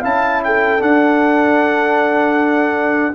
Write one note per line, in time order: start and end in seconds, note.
0.00 0.81 C#4
0.00 0.79 E4
0.00 0.39 F5
0.00 0.43 A5
0.44 3.15 A4
0.44 0.82 G5
0.79 3.13 D4
0.79 3.15 D4
0.79 3.15 F#5